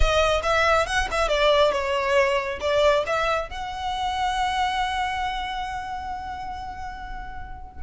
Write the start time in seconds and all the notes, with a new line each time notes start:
0.00 D#5
0.42 E5
0.86 F#5
1.11 E5
1.28 D5
1.72 C#5
2.60 D5
3.06 E5
3.49 F#5